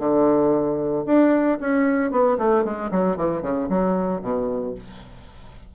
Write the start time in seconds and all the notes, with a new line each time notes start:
0.00 D3
1.06 D4
1.61 C#4
2.12 B3
2.39 A3
2.65 G#3
2.92 F#3
3.17 E3
3.43 C#3
3.70 F#3
4.22 B2